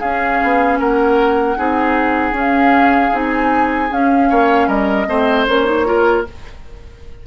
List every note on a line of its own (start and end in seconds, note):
0.00 0.41 C#4
0.00 1.57 C#4
0.00 0.78 G#4
0.00 0.78 F5
0.43 0.79 B3
0.79 1.57 A#3
0.79 1.58 A#4
0.79 2.36 F#5
1.57 2.32 C4
1.57 2.33 D#4
1.57 4.30 G#4
2.32 3.10 C#4
2.32 3.11 C#4
2.39 3.16 F5
3.12 3.91 C4
3.12 3.89 D#4
3.12 3.92 G#5
3.92 4.31 C#4
3.92 5.07 C#4
3.92 4.69 F5
4.30 4.68 A#3
4.30 4.68 C#5
4.68 5.07 G3
4.68 5.06 A#4
4.68 5.46 D#5
5.07 5.47 A3
5.07 5.46 C4
5.07 5.87 C5
5.47 6.26 A#3
5.47 5.65 C#4
5.47 6.26 C#5
5.65 5.85 D#4
5.85 6.24 F4
5.85 6.27 A#4